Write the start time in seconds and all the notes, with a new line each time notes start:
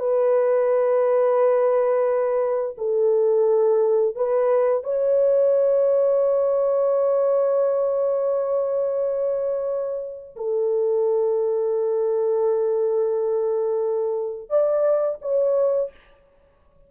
0.00 B4
2.78 A4
4.16 B4
4.84 C#5
10.36 A4
14.50 D5
15.22 C#5